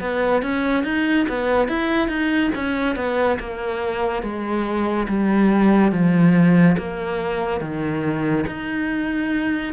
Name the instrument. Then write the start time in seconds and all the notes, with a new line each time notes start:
cello
0.00 B3
0.42 C#4
0.84 D#4
1.28 B3
1.68 E4
2.08 D#4
2.55 C#4
2.96 B3
3.39 A#3
4.23 G#3
5.08 G3
5.92 F3
6.78 A#3
7.61 D#3
8.47 D#4